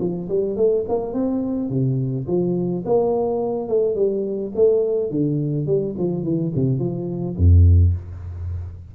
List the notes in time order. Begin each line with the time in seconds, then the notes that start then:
0.00 F3
0.29 G3
0.56 A3
0.89 A#3
1.13 C4
1.70 C3
2.27 F3
2.85 A#3
3.68 A3
3.95 G3
4.55 A3
5.10 D3
5.67 G3
5.98 F3
6.24 E3
6.55 C3
6.79 F3
7.37 F2